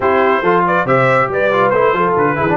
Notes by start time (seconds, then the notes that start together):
0.00 C4 E4 G4 C5
0.41 F3 F4 A4
0.66 B4 D5
0.85 C3 G4 C5 E5
1.28 G3 B4 D5
1.52 F4
1.69 A3 E4 C5
1.93 F3 F4 A4
2.16 D3 B4
2.35 E3 E4 G#4
2.49 D4